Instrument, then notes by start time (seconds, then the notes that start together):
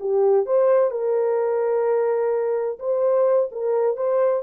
horn
0.00 G4
0.46 C5
0.91 A#4
2.79 C5
3.52 A#4
3.97 C5